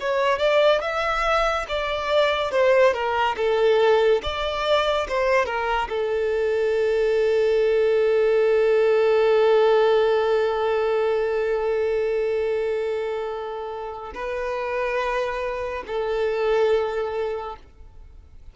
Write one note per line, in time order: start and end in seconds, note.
0.00 0.39 C#5
0.39 0.81 D5
0.81 1.66 E5
1.69 2.52 D5
2.52 2.93 C5
2.93 3.36 A#4
3.37 4.22 A4
4.23 5.07 D5
5.08 5.46 C5
5.46 5.88 A#4
5.89 14.13 A4
14.15 15.84 B4
15.87 17.56 A4